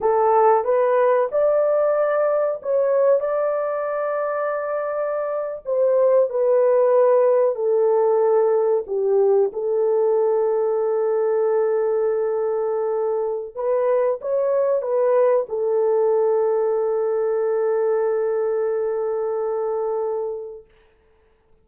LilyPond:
\new Staff \with { instrumentName = "horn" } { \time 4/4 \tempo 4 = 93 a'4 b'4 d''2 | cis''4 d''2.~ | d''8. c''4 b'2 a'16~ | a'4.~ a'16 g'4 a'4~ a'16~ |
a'1~ | a'4 b'4 cis''4 b'4 | a'1~ | a'1 | }